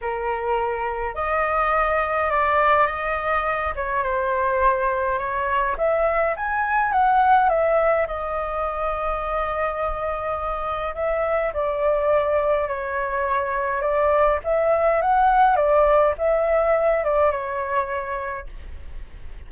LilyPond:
\new Staff \with { instrumentName = "flute" } { \time 4/4 \tempo 4 = 104 ais'2 dis''2 | d''4 dis''4. cis''8 c''4~ | c''4 cis''4 e''4 gis''4 | fis''4 e''4 dis''2~ |
dis''2. e''4 | d''2 cis''2 | d''4 e''4 fis''4 d''4 | e''4. d''8 cis''2 | }